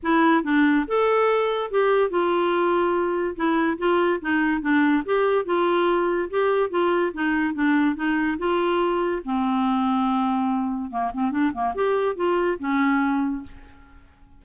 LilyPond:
\new Staff \with { instrumentName = "clarinet" } { \time 4/4 \tempo 4 = 143 e'4 d'4 a'2 | g'4 f'2. | e'4 f'4 dis'4 d'4 | g'4 f'2 g'4 |
f'4 dis'4 d'4 dis'4 | f'2 c'2~ | c'2 ais8 c'8 d'8 ais8 | g'4 f'4 cis'2 | }